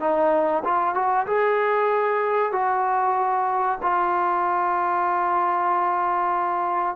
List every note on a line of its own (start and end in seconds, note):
0.00 0.63 D#4
0.65 0.95 F4
0.95 1.27 F#4
1.27 2.53 G#4
2.53 3.79 F#4
3.82 6.96 F4